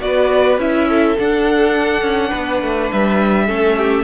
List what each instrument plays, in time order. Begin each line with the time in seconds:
0.00 cello B3, viola F#4, violin B4 D5
0.58 cello C#4, viola E4, violin E5
0.88 violin A4
1.19 viola D4, cello D4, violin F#5
2.02 cello C#4
2.29 cello B3, violin B4
2.62 cello A3
2.91 cello G3, violin E5
3.47 cello A3, viola C#4, violin A4
3.77 violin G4